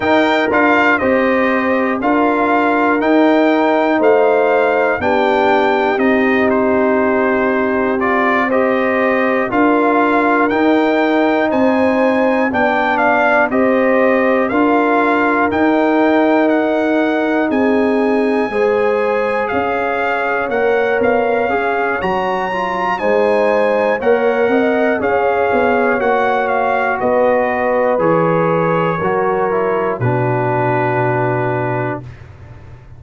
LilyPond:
<<
  \new Staff \with { instrumentName = "trumpet" } { \time 4/4 \tempo 4 = 60 g''8 f''8 dis''4 f''4 g''4 | f''4 g''4 dis''8 c''4. | d''8 dis''4 f''4 g''4 gis''8~ | gis''8 g''8 f''8 dis''4 f''4 g''8~ |
g''8 fis''4 gis''2 f''8~ | f''8 fis''8 f''4 ais''4 gis''4 | fis''4 f''4 fis''8 f''8 dis''4 | cis''2 b'2 | }
  \new Staff \with { instrumentName = "horn" } { \time 4/4 ais'4 c''4 ais'2 | c''4 g'2.~ | g'8 c''4 ais'2 c''8~ | c''8 d''4 c''4 ais'4.~ |
ais'4. gis'4 c''4 cis''8~ | cis''2. c''4 | cis''8 dis''8 cis''2 b'4~ | b'4 ais'4 fis'2 | }
  \new Staff \with { instrumentName = "trombone" } { \time 4/4 dis'8 f'8 g'4 f'4 dis'4~ | dis'4 d'4 dis'2 | f'8 g'4 f'4 dis'4.~ | dis'8 d'4 g'4 f'4 dis'8~ |
dis'2~ dis'8 gis'4.~ | gis'8 ais'4 gis'8 fis'8 f'8 dis'4 | ais'4 gis'4 fis'2 | gis'4 fis'8 e'8 d'2 | }
  \new Staff \with { instrumentName = "tuba" } { \time 4/4 dis'8 d'8 c'4 d'4 dis'4 | a4 b4 c'2~ | c'4. d'4 dis'4 c'8~ | c'8 b4 c'4 d'4 dis'8~ |
dis'4. c'4 gis4 cis'8~ | cis'8 ais8 b8 cis'8 fis4 gis4 | ais8 c'8 cis'8 b8 ais4 b4 | e4 fis4 b,2 | }
>>